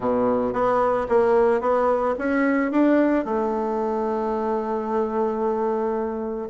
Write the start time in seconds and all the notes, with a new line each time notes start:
0.00 B2
0.53 B3
1.08 A#3
1.60 B3
2.18 C#4
2.71 D4
3.24 A3